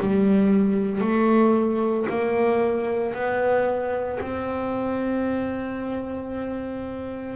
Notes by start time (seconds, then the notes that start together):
0.00 G3
1.01 A3
2.09 A#3
3.13 B3
4.21 C4